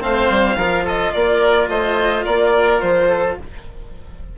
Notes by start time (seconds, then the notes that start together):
0.00 A3 C4 C5 F5
0.29 G3
0.56 F3 F4 A#4
0.84 A4 D#5
1.13 A#3 A#4 D5
1.68 A3 C5 D#5
2.25 A#3 A#4 D5
2.80 F3 C5
3.08 A4